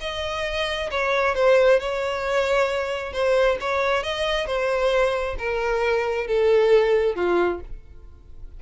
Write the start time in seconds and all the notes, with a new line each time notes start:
0.00 D#5
0.90 C#5
1.34 C5
1.79 C#5
3.12 C5
3.60 C#5
4.03 D#5
4.46 C5
5.38 A#4
6.27 A4
7.15 F4